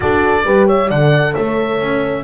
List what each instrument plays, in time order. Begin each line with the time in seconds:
0.00 double bass D4, horn F#4 A4, oboe D5
0.43 double bass G3, horn G4 B4
0.66 horn C#5, oboe E5
0.87 double bass D3, horn A4 D5, oboe F#5
1.32 double bass A3, horn C#5, oboe E5
1.79 double bass C#4